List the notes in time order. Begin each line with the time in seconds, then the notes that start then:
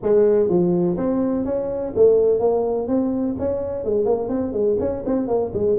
0.02 G#3
0.48 F3
0.97 C4
1.45 C#4
1.95 A3
2.39 A#3
2.87 C4
3.39 C#4
3.84 G#3
4.05 A#3
4.29 C4
4.53 G#3
4.79 C#4
5.06 C4
5.27 A#3
5.53 G#3